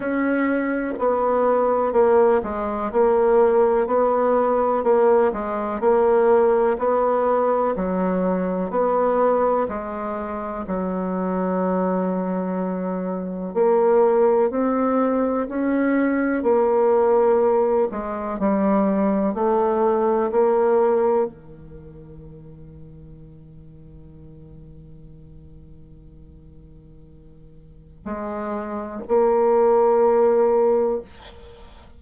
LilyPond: \new Staff \with { instrumentName = "bassoon" } { \time 4/4 \tempo 4 = 62 cis'4 b4 ais8 gis8 ais4 | b4 ais8 gis8 ais4 b4 | fis4 b4 gis4 fis4~ | fis2 ais4 c'4 |
cis'4 ais4. gis8 g4 | a4 ais4 dis2~ | dis1~ | dis4 gis4 ais2 | }